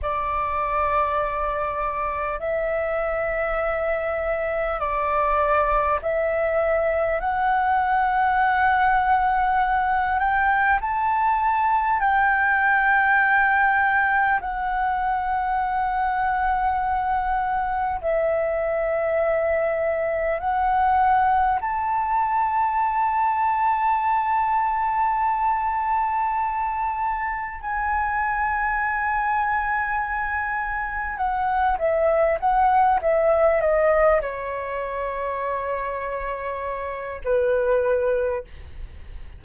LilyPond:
\new Staff \with { instrumentName = "flute" } { \time 4/4 \tempo 4 = 50 d''2 e''2 | d''4 e''4 fis''2~ | fis''8 g''8 a''4 g''2 | fis''2. e''4~ |
e''4 fis''4 a''2~ | a''2. gis''4~ | gis''2 fis''8 e''8 fis''8 e''8 | dis''8 cis''2~ cis''8 b'4 | }